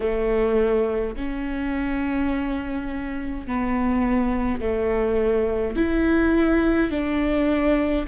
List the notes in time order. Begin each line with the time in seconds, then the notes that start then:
0.00 A3
1.15 C#4
3.46 B3
4.60 A3
5.76 E4
6.90 D4